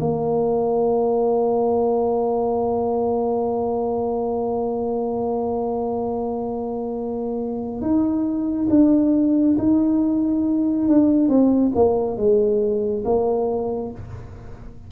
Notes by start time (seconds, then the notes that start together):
0.00 A#3
7.82 D#4
8.70 D4
9.58 D#4
10.89 D4
11.29 C4
11.75 A#3
12.17 G#3
13.05 A#3